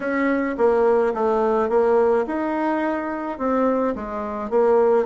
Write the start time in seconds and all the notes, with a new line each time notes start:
0.00 C#4
0.57 A#3
1.14 A3
1.69 A#3
2.26 D#4
3.38 C4
3.95 G#3
4.50 A#3